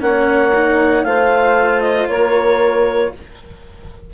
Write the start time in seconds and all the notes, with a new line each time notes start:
0.00 A#3 C#4 C#5 F#5
0.54 D#4
1.03 A3 F4 C5 F5
1.80 D#5
2.08 A#3 A#4 C#5